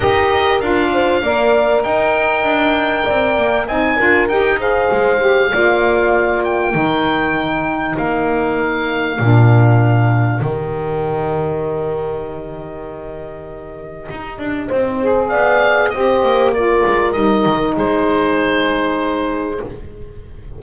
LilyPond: <<
  \new Staff \with { instrumentName = "oboe" } { \time 4/4 \tempo 4 = 98 dis''4 f''2 g''4~ | g''2 gis''4 g''8 f''8~ | f''2~ f''8 g''4.~ | g''4 f''2.~ |
f''4 dis''2.~ | dis''1~ | dis''4 f''4 dis''4 d''4 | dis''4 c''2. | }
  \new Staff \with { instrumentName = "horn" } { \time 4/4 ais'4. c''8 d''4 dis''4~ | dis''4 d''4 dis''8 ais'4 c''8~ | c''4 d''2 ais'4~ | ais'1~ |
ais'1~ | ais'1 | c''4 d''4 c''4 ais'4~ | ais'4 gis'2. | }
  \new Staff \with { instrumentName = "saxophone" } { \time 4/4 g'4 f'4 ais'2~ | ais'2 dis'8 f'8 g'8 gis'8~ | gis'8 g'8 f'2 dis'4~ | dis'2. d'4~ |
d'4 g'2.~ | g'1~ | g'8 gis'4. g'4 f'4 | dis'1 | }
  \new Staff \with { instrumentName = "double bass" } { \time 4/4 dis'4 d'4 ais4 dis'4 | d'4 c'8 ais8 c'8 d'8 dis'4 | gis4 ais2 dis4~ | dis4 ais2 ais,4~ |
ais,4 dis2.~ | dis2. dis'8 d'8 | c'4 b4 c'8 ais4 gis8 | g8 dis8 gis2. | }
>>